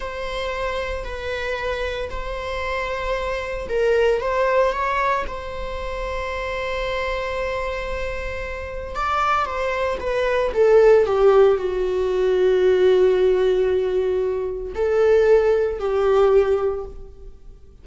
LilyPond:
\new Staff \with { instrumentName = "viola" } { \time 4/4 \tempo 4 = 114 c''2 b'2 | c''2. ais'4 | c''4 cis''4 c''2~ | c''1~ |
c''4 d''4 c''4 b'4 | a'4 g'4 fis'2~ | fis'1 | a'2 g'2 | }